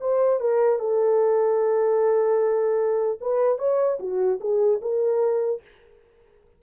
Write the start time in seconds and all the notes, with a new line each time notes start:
0.00 C5
0.40 A#4
0.79 A4
3.20 B4
3.58 C#5
3.99 F#4
4.40 G#4
4.81 A#4